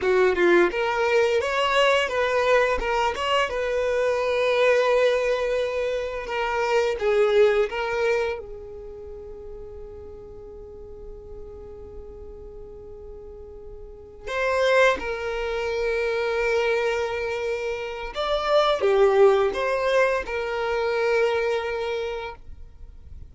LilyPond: \new Staff \with { instrumentName = "violin" } { \time 4/4 \tempo 4 = 86 fis'8 f'8 ais'4 cis''4 b'4 | ais'8 cis''8 b'2.~ | b'4 ais'4 gis'4 ais'4 | gis'1~ |
gis'1~ | gis'8 c''4 ais'2~ ais'8~ | ais'2 d''4 g'4 | c''4 ais'2. | }